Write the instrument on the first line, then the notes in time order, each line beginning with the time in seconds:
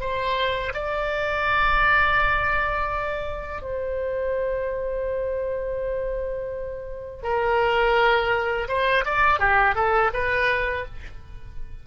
oboe
0.00 C5
0.74 D5
3.61 C5
7.23 A#4
8.68 C5
9.05 D5
9.39 G4
9.75 A4
10.13 B4